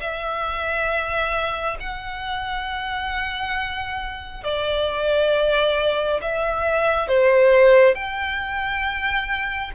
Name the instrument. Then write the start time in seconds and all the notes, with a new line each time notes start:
violin
0.00 E5
1.79 F#5
4.43 D5
6.21 E5
7.07 C5
7.94 G5